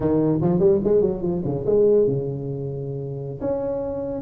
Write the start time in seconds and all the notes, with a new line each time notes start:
0.00 D#3
0.41 F3
0.59 G3
0.83 G#3
1.01 F#3
1.21 F3
1.44 C#3
1.66 G#3
2.07 C#3
3.41 C#4